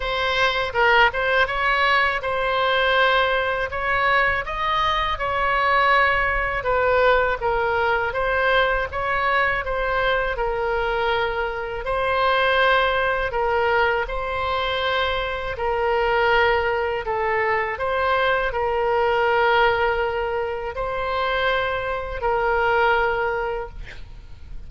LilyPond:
\new Staff \with { instrumentName = "oboe" } { \time 4/4 \tempo 4 = 81 c''4 ais'8 c''8 cis''4 c''4~ | c''4 cis''4 dis''4 cis''4~ | cis''4 b'4 ais'4 c''4 | cis''4 c''4 ais'2 |
c''2 ais'4 c''4~ | c''4 ais'2 a'4 | c''4 ais'2. | c''2 ais'2 | }